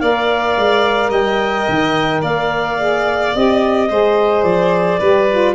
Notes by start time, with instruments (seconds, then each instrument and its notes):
0.00 tuba A#3, saxophone A#4, violin D5, clarinet F5
0.57 tuba G#3
1.10 tuba G3, violin D#5, clarinet G5
1.69 tuba D#3
2.22 tuba A#3, violin D5, clarinet F5
2.78 saxophone G#4
3.33 tuba C4, saxophone G4, clarinet D#5
3.89 tuba G#3, saxophone G#4, violin C5
4.43 tuba F3, clarinet D5
5.00 tuba G3, saxophone G4, violin B4
5.31 saxophone F4